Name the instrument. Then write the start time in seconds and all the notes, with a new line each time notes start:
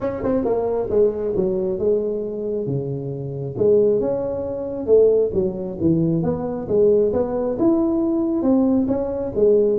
tuba
0.00 C#4
0.23 C4
0.44 A#3
0.90 G#3
1.36 F#3
1.79 G#3
2.66 C#3
3.57 G#3
4.00 C#4
4.86 A3
5.33 F#3
5.80 E3
6.23 B3
6.67 G#3
7.12 B3
7.58 E4
8.42 C4
8.87 C#4
9.35 G#3